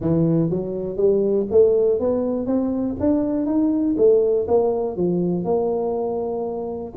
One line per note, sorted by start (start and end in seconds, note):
0.00 0.50 E3
0.50 0.97 F#3
0.97 1.46 G3
1.50 1.99 A3
1.99 2.46 B3
2.46 2.96 C4
3.00 3.46 D4
3.46 3.95 D#4
3.97 4.47 A3
4.47 4.96 A#3
4.96 5.44 F3
5.44 6.93 A#3